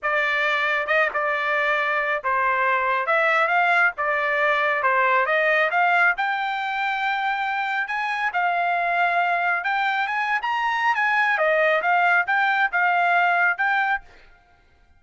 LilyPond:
\new Staff \with { instrumentName = "trumpet" } { \time 4/4 \tempo 4 = 137 d''2 dis''8 d''4.~ | d''4 c''2 e''4 | f''4 d''2 c''4 | dis''4 f''4 g''2~ |
g''2 gis''4 f''4~ | f''2 g''4 gis''8. ais''16~ | ais''4 gis''4 dis''4 f''4 | g''4 f''2 g''4 | }